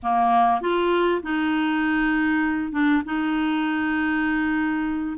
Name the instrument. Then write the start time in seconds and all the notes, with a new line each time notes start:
clarinet
0.02 A#3
0.61 F4
1.22 D#4
2.72 D4
3.05 D#4